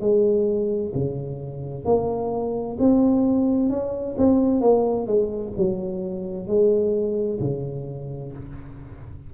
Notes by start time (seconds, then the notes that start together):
0.00 G#3
0.94 C#3
1.85 A#3
2.79 C4
3.69 C#4
4.17 C4
4.60 A#3
5.06 G#3
5.57 F#3
6.47 G#3
7.40 C#3